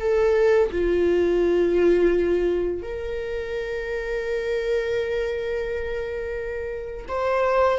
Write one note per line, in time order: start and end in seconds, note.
0.00 0.71 A4
0.72 2.83 F4
2.83 7.07 A#4
7.08 7.79 C5